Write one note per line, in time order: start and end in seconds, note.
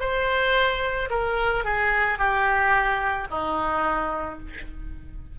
0.00 1.09 C5
1.10 1.65 A#4
1.65 2.19 G#4
2.19 3.28 G4
3.30 4.39 D#4